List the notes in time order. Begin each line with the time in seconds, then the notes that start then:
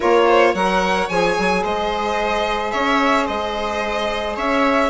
0.00 A#3 F4 A#4 C#5
0.27 C5
0.51 F#3 A#4 C#5 F#5
1.08 F3 G#4 G#5
1.37 F#3
1.62 G#3 C5 D#5
2.71 C#4 C#5 E5
3.25 G#3 C5 D#5
4.36 C#4 C#5 E5